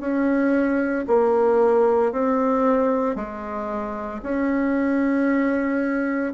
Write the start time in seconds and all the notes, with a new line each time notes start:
0.00 C#4
1.08 A#3
2.12 C4
3.16 G#3
4.23 C#4